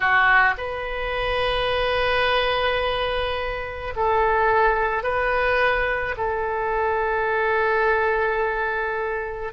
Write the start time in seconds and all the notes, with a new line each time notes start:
0.00 F#4
0.57 B4
3.96 A4
5.03 B4
6.17 A4